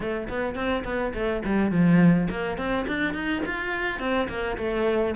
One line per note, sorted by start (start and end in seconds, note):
0.00 0.28 A3
0.29 0.55 B3
0.55 0.83 C4
0.84 1.13 B3
1.14 1.42 A3
1.44 1.71 G3
1.71 2.28 F3
2.30 2.57 A#3
2.57 2.86 C4
2.87 3.14 D4
3.14 3.42 D#4
3.45 3.99 F4
3.99 4.28 C4
4.28 4.57 A#3
4.57 5.15 A3